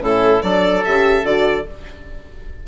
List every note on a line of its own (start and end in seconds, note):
0.00 0.42 A2
0.00 0.41 C#4
0.00 0.43 E4
0.00 0.42 A4
0.42 0.84 F#3
0.42 0.84 D4
0.42 1.67 A4
0.42 0.83 D5
0.84 1.23 C#3
0.84 1.24 G4
0.84 1.25 E5
1.23 1.65 D3
1.23 1.66 F#4
1.23 1.67 D5